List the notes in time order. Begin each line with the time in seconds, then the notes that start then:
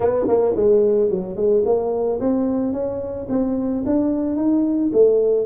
0.00 B3
0.27 A#3
0.56 G#3
1.10 F#3
1.35 G#3
1.65 A#3
2.20 C4
2.72 C#4
3.29 C4
3.86 D4
4.36 D#4
4.92 A3